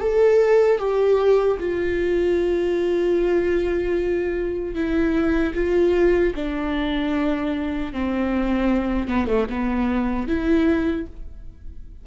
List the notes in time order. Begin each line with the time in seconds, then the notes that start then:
0.00 A4
0.78 G4
1.59 F4
4.74 E4
5.54 F4
6.35 D4
7.93 C4
9.08 B3
9.27 A3
9.49 B3
10.27 E4